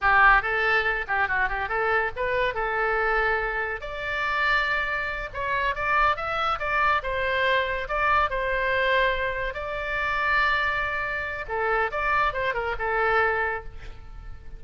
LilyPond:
\new Staff \with { instrumentName = "oboe" } { \time 4/4 \tempo 4 = 141 g'4 a'4. g'8 fis'8 g'8 | a'4 b'4 a'2~ | a'4 d''2.~ | d''8 cis''4 d''4 e''4 d''8~ |
d''8 c''2 d''4 c''8~ | c''2~ c''8 d''4.~ | d''2. a'4 | d''4 c''8 ais'8 a'2 | }